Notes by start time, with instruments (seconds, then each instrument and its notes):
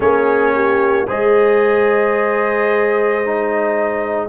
0.00 tuba A#3, trombone C#4, horn G#4, trumpet C#5
0.54 horn G4
1.06 tuba G#3, trombone G#4, horn C5, trumpet D#5
3.25 trombone D#4